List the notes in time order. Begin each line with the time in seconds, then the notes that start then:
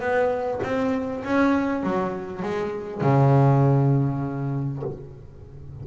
0.00 B3
0.63 C4
1.25 C#4
1.83 F#3
2.43 G#3
3.01 C#3